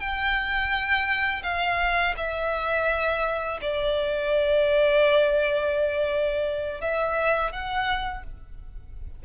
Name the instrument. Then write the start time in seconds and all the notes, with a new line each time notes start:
violin
0.00 G5
1.43 F5
2.17 E5
3.62 D5
6.81 E5
7.52 F#5